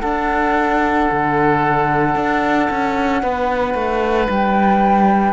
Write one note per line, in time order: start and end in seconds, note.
0.00 1.10 D4
0.00 5.33 D4
0.00 3.22 A4
0.00 4.29 F#5
1.11 2.15 D3
2.15 2.69 D4
2.70 3.23 C#4
3.23 3.74 B3
3.23 5.33 B4
3.74 4.28 A3
4.29 5.33 G3
4.29 5.33 G5